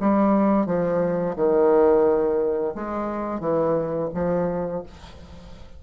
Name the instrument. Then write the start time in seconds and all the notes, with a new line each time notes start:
bassoon
0.00 G3
0.66 F3
1.36 D#3
2.75 G#3
3.40 E3
4.14 F3